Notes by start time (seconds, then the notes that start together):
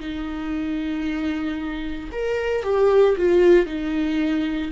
0.00 D#4
2.13 A#4
2.64 G4
3.18 F4
3.67 D#4